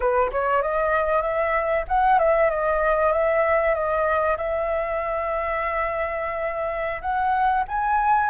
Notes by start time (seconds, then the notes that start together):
0.00 B4
0.31 C#5
0.61 D#5
1.22 E5
1.88 F#5
2.18 E5
2.50 D#5
3.12 E5
3.74 D#5
4.37 E5
7.01 F#5
7.68 G#5